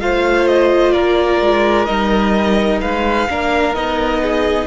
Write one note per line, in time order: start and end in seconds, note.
0.00 0.94 A3
0.00 1.87 F4
0.00 0.94 C5
0.00 0.47 F5
0.47 0.92 D#5
0.92 1.41 A#3
0.92 2.81 A#4
0.92 1.85 D5
1.41 1.88 G#3
1.85 2.82 G3
1.85 3.27 D#4
1.85 2.79 D#5
2.81 3.29 G#3
2.81 3.28 B4
2.81 3.75 F5
3.29 3.75 A#3
3.29 3.74 D4
3.29 4.22 A#4
3.74 4.67 B3
3.74 4.67 D#4
3.74 4.67 D#5
4.22 4.67 G#4